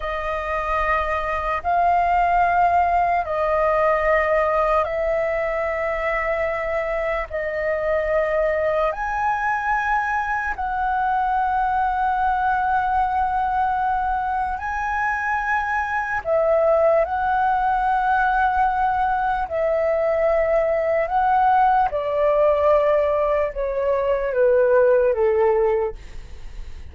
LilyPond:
\new Staff \with { instrumentName = "flute" } { \time 4/4 \tempo 4 = 74 dis''2 f''2 | dis''2 e''2~ | e''4 dis''2 gis''4~ | gis''4 fis''2.~ |
fis''2 gis''2 | e''4 fis''2. | e''2 fis''4 d''4~ | d''4 cis''4 b'4 a'4 | }